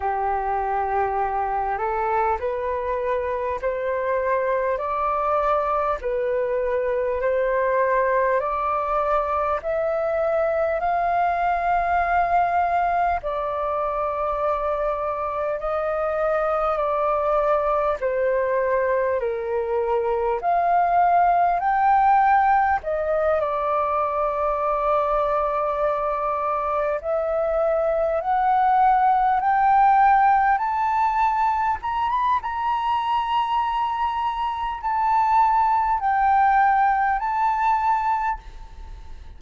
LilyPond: \new Staff \with { instrumentName = "flute" } { \time 4/4 \tempo 4 = 50 g'4. a'8 b'4 c''4 | d''4 b'4 c''4 d''4 | e''4 f''2 d''4~ | d''4 dis''4 d''4 c''4 |
ais'4 f''4 g''4 dis''8 d''8~ | d''2~ d''8 e''4 fis''8~ | fis''8 g''4 a''4 ais''16 b''16 ais''4~ | ais''4 a''4 g''4 a''4 | }